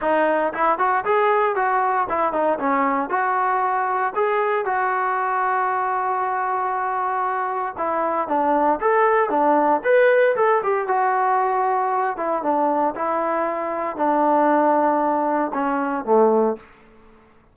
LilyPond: \new Staff \with { instrumentName = "trombone" } { \time 4/4 \tempo 4 = 116 dis'4 e'8 fis'8 gis'4 fis'4 | e'8 dis'8 cis'4 fis'2 | gis'4 fis'2.~ | fis'2. e'4 |
d'4 a'4 d'4 b'4 | a'8 g'8 fis'2~ fis'8 e'8 | d'4 e'2 d'4~ | d'2 cis'4 a4 | }